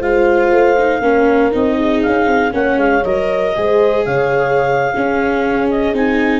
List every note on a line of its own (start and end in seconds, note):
0.00 0.51 G#3
0.00 0.77 F4
0.00 1.01 C5
0.00 1.52 F5
0.51 1.00 A3
0.78 1.02 D#4
1.00 1.50 A#3
1.00 1.51 C#4
1.00 1.76 A#4
1.51 2.04 C4
1.51 2.51 D#4
1.51 2.02 D#5
1.78 2.53 G#4
2.02 2.27 C#4
2.02 2.53 F5
2.27 2.52 C4
2.51 2.77 A#3
2.51 3.02 C#4
2.51 3.54 C#5
2.51 2.78 F#5
2.77 3.02 G#3
2.77 3.03 F5
3.04 3.55 F#3
3.04 3.55 A#4
3.04 4.04 D#5
3.55 4.06 G#3
3.55 4.93 G#4
3.55 4.05 C5
4.04 4.94 C#3
4.04 4.91 C#5
4.04 5.68 F5
4.91 5.94 C#4
4.91 5.93 C#4
4.91 6.40 G#4
5.70 5.95 D#5
5.93 6.40 C4
5.93 6.40 D#4
5.93 6.40 G#5